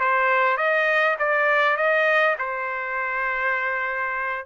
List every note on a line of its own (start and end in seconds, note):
0.00 0.57 C5
0.57 1.16 D#5
1.19 1.77 D5
1.77 2.36 D#5
2.38 4.46 C5